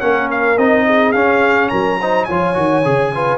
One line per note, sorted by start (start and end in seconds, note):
0.00 0.57 A#3
0.00 0.57 C#4
0.00 0.85 A#4
0.00 0.28 F#5
0.31 0.58 F5
0.57 1.14 C4
0.57 1.14 D#4
0.57 1.12 D#5
0.86 1.71 G#4
1.12 1.71 C#4
1.12 1.99 C#4
1.12 1.69 F5
1.69 2.28 F#3
1.69 1.99 A#4
1.69 2.24 A#5
1.99 2.30 D#4
1.99 2.26 C5
2.24 2.56 F3
2.24 2.54 F4
2.24 3.11 C#5
2.24 3.38 G#5
2.54 2.84 D#3
2.54 2.82 F#4
2.84 3.38 C#3
2.84 3.13 G#4
3.14 3.38 F4
3.14 3.38 B4